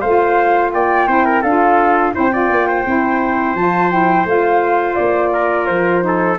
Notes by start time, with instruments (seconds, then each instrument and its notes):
0.00 tuba A3, saxophone F4, trumpet C5, flute F5
0.73 tuba A#3, trumpet D5, flute G5
1.07 tuba C4, saxophone E4, trumpet C5
1.25 trumpet A#4
1.42 tuba D4, saxophone F4, trumpet A4, flute F5
2.12 tuba C4, saxophone E4, trumpet C5, flute G5
2.31 saxophone F4, trumpet D5
2.49 tuba A#3
2.69 trumpet C5
2.85 tuba C4, saxophone E4
3.54 tuba F3, saxophone F4, flute A5
3.91 saxophone E4, flute G5
4.25 tuba A3, saxophone F4, flute F5
4.95 tuba A#3, flute D5
5.33 trumpet A#4
5.66 tuba F3, flute C5
6.01 saxophone D#4, trumpet A4